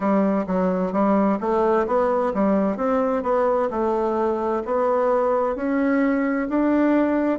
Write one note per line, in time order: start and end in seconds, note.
0.00 0.44 G3
0.47 0.92 F#3
0.92 1.38 G3
1.40 1.86 A3
1.86 2.32 B3
2.33 2.77 G3
2.77 3.23 C4
3.23 3.69 B3
3.70 4.62 A3
4.64 5.56 B3
5.56 6.48 C#4
6.49 7.39 D4